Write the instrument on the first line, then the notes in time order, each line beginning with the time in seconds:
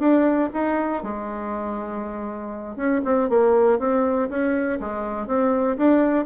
bassoon
0.00 D4
0.54 D#4
1.03 G#3
2.76 C#4
3.05 C4
3.30 A#3
3.79 C4
4.30 C#4
4.80 G#3
5.27 C4
5.78 D4